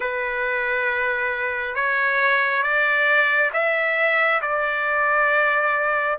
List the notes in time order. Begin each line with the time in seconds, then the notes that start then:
0.00 B4
1.75 C#5
2.62 D5
3.53 E5
4.41 D5